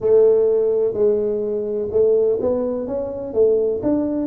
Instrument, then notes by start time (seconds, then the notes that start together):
tuba
0.00 A3
0.93 G#3
1.91 A3
2.41 B3
2.87 C#4
3.33 A3
3.83 D4